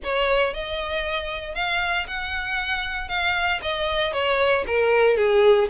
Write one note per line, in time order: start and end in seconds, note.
0.03 0.53 C#5
0.53 1.54 D#5
1.54 2.06 F5
2.07 3.08 F#5
3.08 3.60 F5
3.62 4.12 D#5
4.12 4.64 C#5
4.66 5.16 A#4
5.16 5.68 G#4